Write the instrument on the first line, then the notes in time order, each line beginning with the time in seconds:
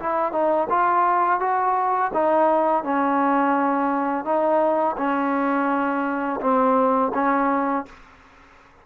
trombone
0.00 E4
0.32 D#4
0.70 F4
1.40 F#4
2.14 D#4
2.84 C#4
4.25 D#4
4.97 C#4
6.41 C4
7.15 C#4